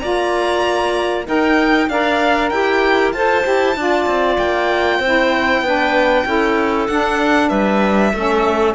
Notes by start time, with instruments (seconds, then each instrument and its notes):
0.00 cello A#3, saxophone F4, clarinet D5, violin A#5
1.25 saxophone D#4, cello D#4, clarinet A#4, violin G5
1.89 cello D4, saxophone A#4, clarinet D5, violin F5
2.50 cello E4, clarinet G4, violin G5
3.13 cello F4, saxophone A4, clarinet C5, violin A5
3.43 cello E4, saxophone G4
3.76 cello D4, saxophone F4, clarinet D5
4.07 cello C4
4.38 cello A#3, violin G5
5.00 cello C4, saxophone E4, clarinet C5
5.62 cello B3, saxophone D4, clarinet B4
6.26 cello C#4, saxophone E4, clarinet A4
6.87 saxophone D4, cello D4, violin F#5
7.49 cello G3, clarinet B4, violin E5
8.14 cello A3, saxophone C#4, clarinet A4